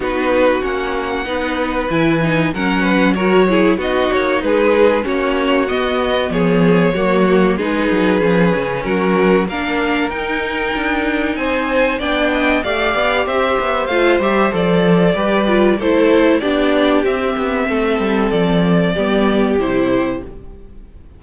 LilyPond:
<<
  \new Staff \with { instrumentName = "violin" } { \time 4/4 \tempo 4 = 95 b'4 fis''2 gis''4 | fis''4 cis''4 dis''8 cis''8 b'4 | cis''4 dis''4 cis''2 | b'2 ais'4 f''4 |
g''2 gis''4 g''4 | f''4 e''4 f''8 e''8 d''4~ | d''4 c''4 d''4 e''4~ | e''4 d''2 c''4 | }
  \new Staff \with { instrumentName = "violin" } { \time 4/4 fis'2 b'2 | ais'8 b'8 ais'8 gis'8 fis'4 gis'4 | fis'2 gis'4 fis'4 | gis'2 fis'4 ais'4~ |
ais'2 c''4 d''8 dis''8 | d''4 c''2. | b'4 a'4 g'2 | a'2 g'2 | }
  \new Staff \with { instrumentName = "viola" } { \time 4/4 dis'4 cis'4 dis'4 e'8 dis'8 | cis'4 fis'8 e'8 dis'2 | cis'4 b2 ais4 | dis'4 cis'2 d'4 |
dis'2. d'4 | g'2 f'8 g'8 a'4 | g'8 f'8 e'4 d'4 c'4~ | c'2 b4 e'4 | }
  \new Staff \with { instrumentName = "cello" } { \time 4/4 b4 ais4 b4 e4 | fis2 b8 ais8 gis4 | ais4 b4 f4 fis4 | gis8 fis8 f8 cis8 fis4 ais4 |
dis'4 d'4 c'4 b4 | a8 b8 c'8 b8 a8 g8 f4 | g4 a4 b4 c'8 b8 | a8 g8 f4 g4 c4 | }
>>